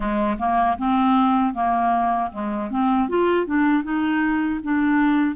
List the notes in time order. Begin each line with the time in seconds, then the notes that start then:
0.00 G#3
0.38 A#3
0.78 C4
1.53 A#3
2.31 G#3
2.70 C4
3.08 F4
3.46 D4
3.83 D#4
4.63 D4